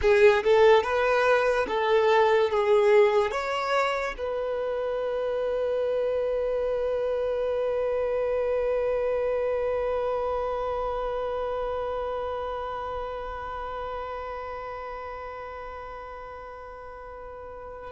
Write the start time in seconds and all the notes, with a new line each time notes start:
0.01 G#4
0.43 A4
0.83 B4
1.67 A4
2.50 G#4
3.31 C#5
4.17 B4